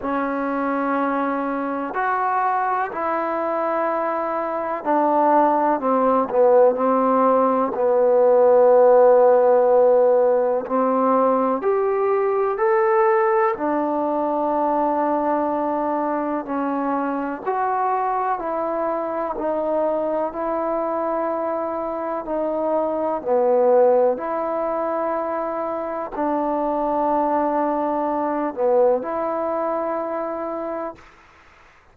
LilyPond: \new Staff \with { instrumentName = "trombone" } { \time 4/4 \tempo 4 = 62 cis'2 fis'4 e'4~ | e'4 d'4 c'8 b8 c'4 | b2. c'4 | g'4 a'4 d'2~ |
d'4 cis'4 fis'4 e'4 | dis'4 e'2 dis'4 | b4 e'2 d'4~ | d'4. b8 e'2 | }